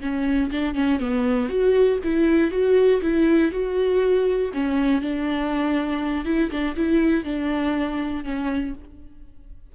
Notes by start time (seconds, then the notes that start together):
0.00 C#4
0.51 D4
0.74 C#4
1.00 B3
1.49 F#4
2.03 E4
2.51 F#4
3.01 E4
3.51 F#4
4.53 C#4
5.01 D4
6.25 E4
6.50 D4
6.76 E4
7.24 D4
8.24 C#4